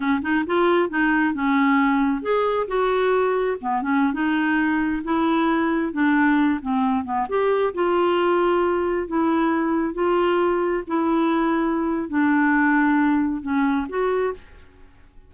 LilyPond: \new Staff \with { instrumentName = "clarinet" } { \time 4/4 \tempo 4 = 134 cis'8 dis'8 f'4 dis'4 cis'4~ | cis'4 gis'4 fis'2 | b8 cis'8. dis'2 e'8.~ | e'4~ e'16 d'4. c'4 b16~ |
b16 g'4 f'2~ f'8.~ | f'16 e'2 f'4.~ f'16~ | f'16 e'2~ e'8. d'4~ | d'2 cis'4 fis'4 | }